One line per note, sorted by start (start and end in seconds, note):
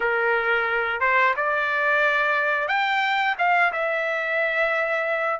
0.00 1.00 A#4
1.00 1.34 C5
1.36 2.68 D5
2.68 3.35 G5
3.38 3.72 F5
3.72 5.40 E5